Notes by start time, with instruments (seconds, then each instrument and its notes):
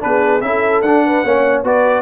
0.00 tuba B3, trombone D4, horn G#4, trumpet B4
0.41 tuba C#4, trombone E4, horn A4, trumpet E5
0.82 tuba D4, trombone D4, trumpet F#5
1.06 horn B4
1.24 tuba A#3, trombone C#4, horn C#5
1.64 tuba B3, trombone F#4, horn B4, trumpet D5